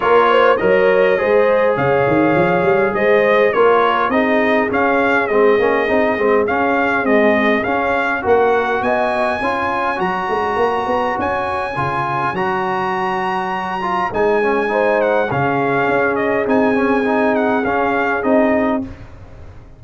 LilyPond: <<
  \new Staff \with { instrumentName = "trumpet" } { \time 4/4 \tempo 4 = 102 cis''4 dis''2 f''4~ | f''4 dis''4 cis''4 dis''4 | f''4 dis''2 f''4 | dis''4 f''4 fis''4 gis''4~ |
gis''4 ais''2 gis''4~ | gis''4 ais''2. | gis''4. fis''8 f''4. dis''8 | gis''4. fis''8 f''4 dis''4 | }
  \new Staff \with { instrumentName = "horn" } { \time 4/4 ais'8 c''8 cis''4 c''4 cis''4~ | cis''4 c''4 ais'4 gis'4~ | gis'1~ | gis'2 ais'4 dis''4 |
cis''1~ | cis''1~ | cis''4 c''4 gis'2~ | gis'1 | }
  \new Staff \with { instrumentName = "trombone" } { \time 4/4 f'4 ais'4 gis'2~ | gis'2 f'4 dis'4 | cis'4 c'8 cis'8 dis'8 c'8 cis'4 | gis4 cis'4 fis'2 |
f'4 fis'2. | f'4 fis'2~ fis'8 f'8 | dis'8 cis'8 dis'4 cis'2 | dis'8 cis'8 dis'4 cis'4 dis'4 | }
  \new Staff \with { instrumentName = "tuba" } { \time 4/4 ais4 fis4 gis4 cis8 dis8 | f8 g8 gis4 ais4 c'4 | cis'4 gis8 ais8 c'8 gis8 cis'4 | c'4 cis'4 ais4 b4 |
cis'4 fis8 gis8 ais8 b8 cis'4 | cis4 fis2. | gis2 cis4 cis'4 | c'2 cis'4 c'4 | }
>>